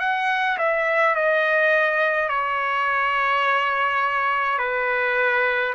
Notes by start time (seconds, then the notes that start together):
0.00 F#5
0.58 E5
1.15 D#5
2.29 C#5
4.58 B4